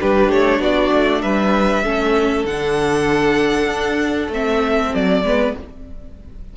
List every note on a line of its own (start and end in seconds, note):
0.00 0.29 G3
0.00 1.84 D4
0.00 0.61 G4
0.00 0.31 B4
0.29 0.60 A3
0.29 0.61 C#5
0.60 0.90 B3
0.60 1.22 F#4
0.60 1.22 D5
0.92 1.23 A3
1.22 1.84 G3
1.22 1.84 B4
1.22 2.45 E5
1.84 2.45 A3
1.84 2.46 C#4
1.84 5.24 A4
2.45 3.66 D3
2.45 4.32 D4
2.45 4.31 F#5
3.66 4.28 D4
4.28 4.90 A3
4.28 5.25 C4
4.28 4.94 E5
4.94 5.23 F#3
4.94 5.56 D5
5.23 5.54 G#3
5.23 5.56 B3
5.23 5.57 B4